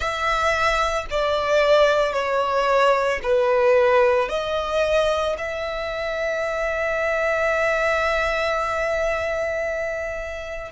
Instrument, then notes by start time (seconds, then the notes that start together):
violin
0.00 E5
1.10 D5
2.12 C#5
3.22 B4
4.29 D#5
5.38 E5